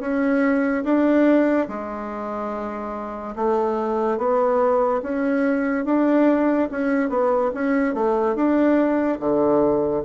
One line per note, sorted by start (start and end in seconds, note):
0.00 0.83 C#4
0.84 1.67 D4
1.68 3.34 G#3
3.36 4.17 A3
4.17 5.01 B3
5.02 5.85 C#4
5.85 6.68 D4
6.70 7.09 C#4
7.09 7.51 B3
7.54 7.94 C#4
7.94 8.35 A3
8.35 9.19 D4
9.19 10.03 D3